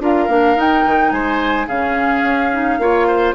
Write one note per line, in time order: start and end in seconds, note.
0.00 0.28 D4
0.00 0.29 F4
0.00 1.13 A#4
0.00 0.60 F5
0.28 0.56 A#3
0.28 0.56 D4
0.56 0.83 D#4
0.56 1.68 D#4
0.56 1.11 G5
0.86 1.11 D#3
1.11 1.67 G#3
1.11 1.67 C5
1.11 1.67 G#5
1.67 2.23 C#3
1.67 2.52 C#4
1.67 2.78 G#4
1.67 3.34 F5
2.23 2.78 C#4
2.52 2.80 D#4
2.78 3.34 A#3
2.78 3.35 F4
2.78 3.07 C#5
3.07 3.35 C5